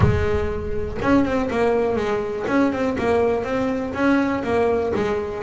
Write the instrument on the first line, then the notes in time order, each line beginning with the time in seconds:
double bass
0.00 G#3
1.01 C#4
1.24 C4
1.50 A#3
1.96 G#3
2.47 C#4
2.72 C4
2.98 A#3
3.43 C4
3.93 C#4
4.43 A#3
4.95 G#3